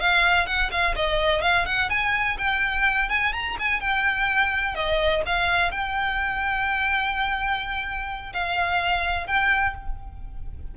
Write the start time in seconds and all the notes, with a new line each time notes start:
0.00 F5
0.47 F#5
0.71 F5
0.96 D#5
1.42 F5
1.66 F#5
1.90 G#5
2.38 G5
3.09 G#5
3.33 A#5
3.59 G#5
3.80 G5
4.75 D#5
5.26 F5
5.71 G5
8.33 F5
9.27 G5